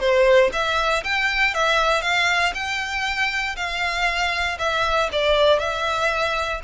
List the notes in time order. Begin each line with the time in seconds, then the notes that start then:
0.00 C5
0.53 E5
1.04 G5
1.55 E5
2.02 F5
2.54 G5
3.57 F5
4.59 E5
5.13 D5
5.59 E5